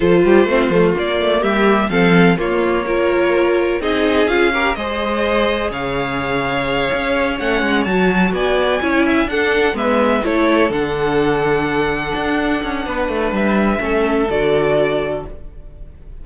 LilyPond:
<<
  \new Staff \with { instrumentName = "violin" } { \time 4/4 \tempo 4 = 126 c''2 d''4 e''4 | f''4 cis''2. | dis''4 f''4 dis''2 | f''2.~ f''8 fis''8~ |
fis''8 a''4 gis''2 fis''8~ | fis''8 e''4 cis''4 fis''4.~ | fis''1 | e''2 d''2 | }
  \new Staff \with { instrumentName = "violin" } { \time 4/4 a'8 g'8 f'2 g'4 | a'4 f'4 ais'2 | gis'4. ais'8 c''2 | cis''1~ |
cis''4. d''4 cis''8 e''8 a'8~ | a'8 b'4 a'2~ a'8~ | a'2. b'4~ | b'4 a'2. | }
  \new Staff \with { instrumentName = "viola" } { \time 4/4 f'4 c'8 a8 ais2 | c'4 ais4 f'2 | dis'4 f'8 g'8 gis'2~ | gis'2.~ gis'8 cis'8~ |
cis'8 fis'2 e'4 d'8~ | d'8 b4 e'4 d'4.~ | d'1~ | d'4 cis'4 fis'2 | }
  \new Staff \with { instrumentName = "cello" } { \time 4/4 f8 g8 a8 f8 ais8 a8 g4 | f4 ais2. | c'4 cis'4 gis2 | cis2~ cis8 cis'4 a8 |
gis8 fis4 b4 cis'4 d'8~ | d'8 gis4 a4 d4.~ | d4. d'4 cis'8 b8 a8 | g4 a4 d2 | }
>>